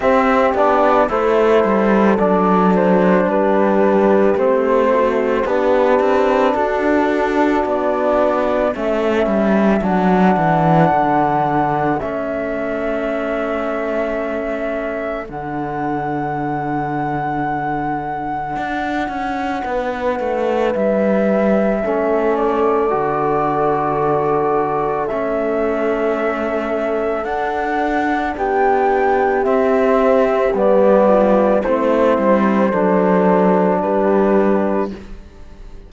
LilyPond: <<
  \new Staff \with { instrumentName = "flute" } { \time 4/4 \tempo 4 = 55 e''8 d''8 c''4 d''8 c''8 b'4 | c''4 b'4 a'4 d''4 | e''4 fis''2 e''4~ | e''2 fis''2~ |
fis''2. e''4~ | e''8 d''2~ d''8 e''4~ | e''4 fis''4 g''4 e''4 | d''4 c''2 b'4 | }
  \new Staff \with { instrumentName = "horn" } { \time 4/4 g'4 a'2 g'4~ | g'8 fis'8 g'4 fis'2 | a'1~ | a'1~ |
a'2 b'2 | a'1~ | a'2 g'2~ | g'8 f'8 e'4 a'4 g'4 | }
  \new Staff \with { instrumentName = "trombone" } { \time 4/4 c'8 d'8 e'4 d'2 | c'4 d'2. | cis'4 d'2 cis'4~ | cis'2 d'2~ |
d'1 | cis'4 fis'2 cis'4~ | cis'4 d'2 c'4 | b4 c'4 d'2 | }
  \new Staff \with { instrumentName = "cello" } { \time 4/4 c'8 b8 a8 g8 fis4 g4 | a4 b8 c'8 d'4 b4 | a8 g8 fis8 e8 d4 a4~ | a2 d2~ |
d4 d'8 cis'8 b8 a8 g4 | a4 d2 a4~ | a4 d'4 b4 c'4 | g4 a8 g8 fis4 g4 | }
>>